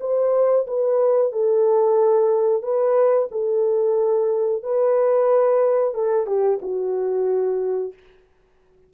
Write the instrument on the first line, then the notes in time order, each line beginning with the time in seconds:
horn
0.00 C5
0.67 B4
1.32 A4
2.63 B4
3.31 A4
4.63 B4
5.94 A4
6.26 G4
6.61 F#4